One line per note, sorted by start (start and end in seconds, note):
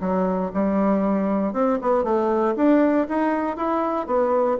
0.00 0.51 F#3
0.53 1.53 G3
1.53 1.78 C4
1.81 2.03 B3
2.03 2.54 A3
2.56 3.07 D4
3.08 3.56 D#4
3.56 4.06 E4
4.06 4.57 B3